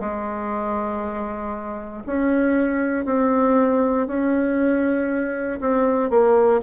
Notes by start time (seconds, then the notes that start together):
0.00 G#3
2.07 C#4
3.06 C4
4.07 C#4
5.60 C4
6.10 A#3